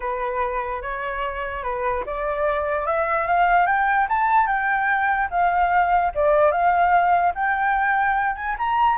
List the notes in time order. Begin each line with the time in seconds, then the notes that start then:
0.00 B4
0.82 C#5
1.63 B4
2.06 D5
2.86 E5
3.27 F5
3.66 G5
4.09 A5
4.46 G5
5.30 F5
6.14 D5
6.51 F5
7.35 G5
8.35 G#5
8.58 A#5